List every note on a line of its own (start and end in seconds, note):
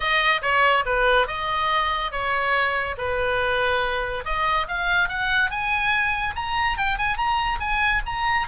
0.00 0.41 D#5
0.42 0.84 C#5
0.85 1.27 B4
1.27 2.11 D#5
2.11 2.96 C#5
2.97 4.24 B4
4.25 4.67 D#5
4.67 5.08 F5
5.08 5.50 F#5
5.50 6.35 G#5
6.35 6.77 A#5
6.77 6.98 G5
6.98 7.17 G#5
7.17 7.59 A#5
7.59 8.02 G#5
8.06 8.47 A#5